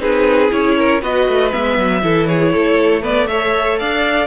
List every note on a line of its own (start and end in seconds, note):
0.00 0.50 C4
0.00 0.49 D#4
0.00 0.77 G#4
0.00 0.51 B4
0.49 1.02 C#4
0.49 1.00 E4
0.49 1.02 C#5
0.77 1.00 A#4
1.00 1.27 B3
1.00 1.50 F#4
1.00 2.01 B4
1.00 1.52 D#5
1.28 1.53 A3
1.50 1.77 G#3
1.50 2.01 B3
1.50 2.27 E5
1.77 2.02 F#3
2.01 2.53 E3
2.01 3.02 E4
2.01 2.28 A4
2.27 2.52 G#4
2.27 3.02 C#5
2.52 3.80 A3
2.52 3.02 A4
3.02 3.27 B3
3.02 3.27 B4
3.02 3.27 D5
3.27 4.26 A4
3.27 3.79 C#5
3.27 3.78 E5
3.79 4.26 D4
3.79 4.26 D5
3.79 4.26 F5